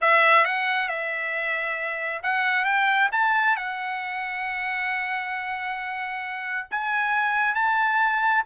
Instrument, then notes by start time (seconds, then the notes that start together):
trumpet
0.01 E5
0.44 F#5
0.88 E5
2.22 F#5
2.64 G5
3.12 A5
3.56 F#5
6.71 G#5
7.54 A5